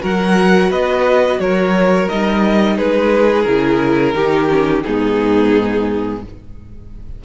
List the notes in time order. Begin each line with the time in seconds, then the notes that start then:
0.00 F#3 F#4 A#4 F#5
0.71 B3 B4 D#5
1.39 F#3 A#4 C#5
2.09 G3 D#4 D#5
2.77 G#3 G#4 B4
3.43 C#3 E4 A#4
4.14 D#3 D#4 G4
4.50 C#4
4.84 G#2 B3 D#4 G#4